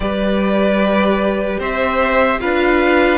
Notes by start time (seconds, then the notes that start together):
0.00 G3 G4 B4 D5
1.59 C4 C5 E5
2.40 D4 F4 B4 F5